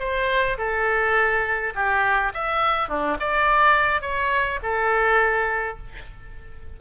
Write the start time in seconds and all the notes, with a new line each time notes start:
0.00 C5
0.58 A4
1.75 G4
2.34 E5
2.89 D4
3.20 D5
4.02 C#5
4.63 A4